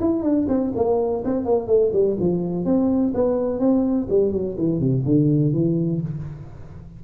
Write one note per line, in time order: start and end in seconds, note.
0.00 0.22 E4
0.22 0.46 D4
0.48 0.72 C4
0.75 1.23 A#3
1.25 1.45 C4
1.45 1.67 A#3
1.67 1.91 A3
1.92 2.16 G3
2.20 2.65 F3
2.65 3.13 C4
3.14 3.59 B3
3.59 4.07 C4
4.09 4.32 G3
4.32 4.56 F#3
4.58 4.80 E3
4.80 5.04 C3
5.05 5.53 D3
5.53 6.01 E3